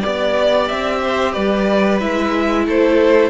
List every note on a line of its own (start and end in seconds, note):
0.00 0.70 B3
0.00 2.00 G4
0.00 0.99 D5
0.00 0.68 D5
0.68 1.36 C4
0.68 1.32 E5
1.02 1.32 C5
1.32 2.01 G3
1.32 2.63 B4
1.32 1.98 D5
2.00 2.67 G#3
2.00 3.30 E4
2.00 2.66 E5
2.67 3.30 A3
2.67 3.30 A4
2.67 3.30 C5